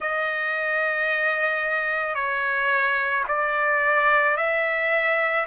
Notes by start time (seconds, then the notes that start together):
0.00 D#5
2.15 C#5
3.27 D5
4.36 E5